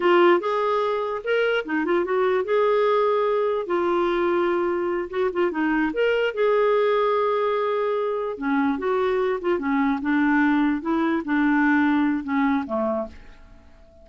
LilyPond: \new Staff \with { instrumentName = "clarinet" } { \time 4/4 \tempo 4 = 147 f'4 gis'2 ais'4 | dis'8 f'8 fis'4 gis'2~ | gis'4 f'2.~ | f'8 fis'8 f'8 dis'4 ais'4 gis'8~ |
gis'1~ | gis'8 cis'4 fis'4. f'8 cis'8~ | cis'8 d'2 e'4 d'8~ | d'2 cis'4 a4 | }